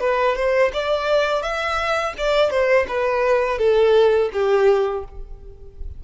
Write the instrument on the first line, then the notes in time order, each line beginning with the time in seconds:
violin
0.00 B4
0.36 C5
0.73 D5
1.42 E5
2.17 D5
2.50 C5
2.88 B4
3.58 A4
4.32 G4